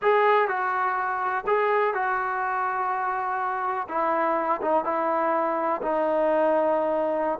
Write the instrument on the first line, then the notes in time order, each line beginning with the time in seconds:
trombone
0.02 G#4
0.48 F#4
1.46 G#4
1.94 F#4
3.88 E4
4.61 D#4
4.84 E4
5.82 D#4